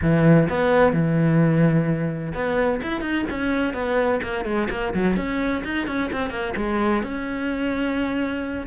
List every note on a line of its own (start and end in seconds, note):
0.02 0.49 E3
0.49 0.92 B3
0.92 2.33 E3
2.34 2.81 B3
2.82 3.01 E4
3.01 3.24 D#4
3.29 3.73 C#4
3.73 4.20 B3
4.23 4.44 A#3
4.44 4.68 G#3
4.70 4.93 A#3
4.93 5.16 F#3
5.16 5.63 C#4
5.64 5.87 D#4
5.87 6.10 C#4
6.12 6.30 C4
6.30 6.53 A#3
6.56 7.02 G#3
7.02 8.66 C#4